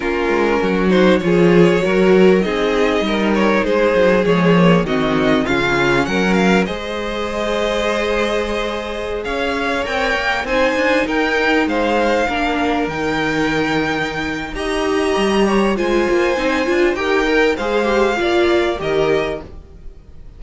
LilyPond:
<<
  \new Staff \with { instrumentName = "violin" } { \time 4/4 \tempo 4 = 99 ais'4. c''8 cis''2 | dis''4. cis''8 c''4 cis''4 | dis''4 f''4 fis''8 f''8 dis''4~ | dis''2.~ dis''16 f''8.~ |
f''16 g''4 gis''4 g''4 f''8.~ | f''4~ f''16 g''2~ g''8. | ais''2 gis''2 | g''4 f''2 dis''4 | }
  \new Staff \with { instrumentName = "violin" } { \time 4/4 f'4 fis'4 gis'4 ais'4 | gis'4 ais'4 gis'2 | fis'4 f'4 ais'4 c''4~ | c''2.~ c''16 cis''8.~ |
cis''4~ cis''16 c''4 ais'4 c''8.~ | c''16 ais'2.~ ais'8. | dis''4. cis''8 c''2 | ais'4 c''4 d''4 ais'4 | }
  \new Staff \with { instrumentName = "viola" } { \time 4/4 cis'4. dis'8 f'4 fis'4 | dis'2. gis8 ais8 | c'4 cis'2 gis'4~ | gis'1~ |
gis'16 ais'4 dis'2~ dis'8.~ | dis'16 d'4 dis'2~ dis'8. | g'2 f'4 dis'8 f'8 | g'8 ais'8 gis'8 g'8 f'4 g'4 | }
  \new Staff \with { instrumentName = "cello" } { \time 4/4 ais8 gis8 fis4 f4 fis4 | c'4 g4 gis8 fis8 f4 | dis4 cis4 fis4 gis4~ | gis2.~ gis16 cis'8.~ |
cis'16 c'8 ais8 c'8 d'8 dis'4 gis8.~ | gis16 ais4 dis2~ dis8. | dis'4 g4 gis8 ais8 c'8 d'8 | dis'4 gis4 ais4 dis4 | }
>>